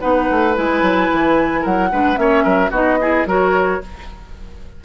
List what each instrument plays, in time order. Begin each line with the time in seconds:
0.00 bassoon B3, clarinet D#4, oboe B4, flute F#5
0.30 bassoon A3
0.55 bassoon G#3, clarinet E4, flute G#5
0.82 bassoon F#3
1.12 bassoon E3
1.61 bassoon F#3, oboe A#4, flute F#5
1.91 bassoon G#3, clarinet D4, oboe B4
2.15 bassoon A#3, clarinet C#4, oboe C#5, flute E5
2.43 bassoon F#3, oboe A#4
2.70 bassoon B3, clarinet D#4, oboe F#4, flute D#5
3.00 clarinet E4, oboe G#4
3.26 bassoon F#3, clarinet F#4, oboe A#4, flute C#5